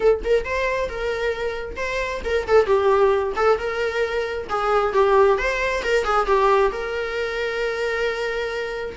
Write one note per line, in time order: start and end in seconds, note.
0.00 0.21 A4
0.24 0.45 A#4
0.45 0.89 C5
0.89 1.76 A#4
1.76 2.21 C5
2.24 2.46 A#4
2.47 2.65 A4
2.65 3.33 G4
3.36 3.58 A4
3.58 4.47 A#4
4.49 4.93 G#4
4.93 5.38 G4
5.38 5.82 C5
5.83 6.04 A#4
6.04 6.26 G#4
6.26 6.71 G4
6.72 8.96 A#4